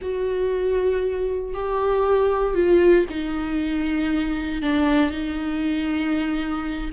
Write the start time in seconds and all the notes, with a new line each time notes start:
0.01 F#4
1.53 G4
2.54 F4
3.09 D#4
4.62 D4
5.10 D#4